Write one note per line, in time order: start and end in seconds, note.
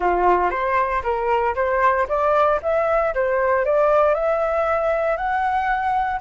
0.00 0.50 F4
0.50 1.02 C5
1.03 1.54 A#4
1.55 2.07 C5
2.08 2.60 D5
2.62 3.14 E5
3.14 3.65 C5
3.65 4.14 D5
4.14 5.16 E5
5.16 6.20 F#5